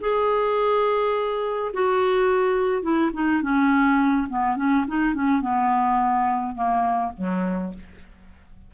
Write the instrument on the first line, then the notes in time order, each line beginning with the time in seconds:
clarinet
0.00 G#4
1.73 F#4
2.82 E4
3.13 D#4
3.42 C#4
4.29 B3
4.56 C#4
4.87 D#4
5.14 C#4
5.41 B3
6.54 A#3
7.17 F#3